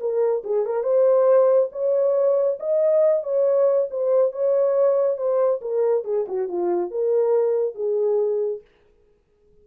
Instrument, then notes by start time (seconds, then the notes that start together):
horn
0.00 A#4
0.44 G#4
0.66 A#4
0.83 C5
1.72 C#5
2.60 D#5
3.23 C#5
3.90 C5
4.32 C#5
5.17 C5
5.61 A#4
6.04 G#4
6.28 F#4
6.48 F4
6.91 A#4
7.75 G#4